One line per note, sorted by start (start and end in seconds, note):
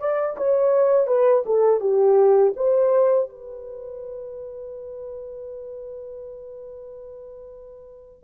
0.00 0.37 D5
0.37 1.07 C#5
1.07 1.44 B4
1.46 1.81 A4
1.81 2.54 G4
2.56 3.30 C5
3.30 8.24 B4